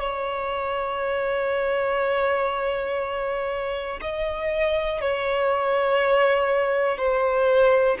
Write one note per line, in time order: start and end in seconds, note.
0.00 4.00 C#5
4.01 5.01 D#5
5.01 6.97 C#5
6.97 7.97 C5